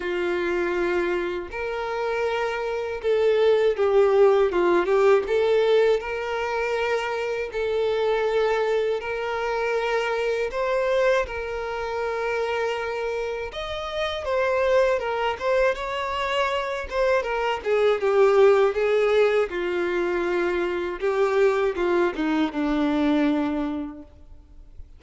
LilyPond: \new Staff \with { instrumentName = "violin" } { \time 4/4 \tempo 4 = 80 f'2 ais'2 | a'4 g'4 f'8 g'8 a'4 | ais'2 a'2 | ais'2 c''4 ais'4~ |
ais'2 dis''4 c''4 | ais'8 c''8 cis''4. c''8 ais'8 gis'8 | g'4 gis'4 f'2 | g'4 f'8 dis'8 d'2 | }